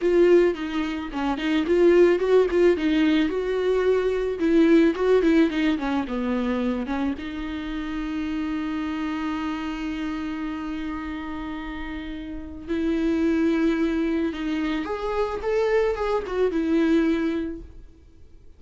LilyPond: \new Staff \with { instrumentName = "viola" } { \time 4/4 \tempo 4 = 109 f'4 dis'4 cis'8 dis'8 f'4 | fis'8 f'8 dis'4 fis'2 | e'4 fis'8 e'8 dis'8 cis'8 b4~ | b8 cis'8 dis'2.~ |
dis'1~ | dis'2. e'4~ | e'2 dis'4 gis'4 | a'4 gis'8 fis'8 e'2 | }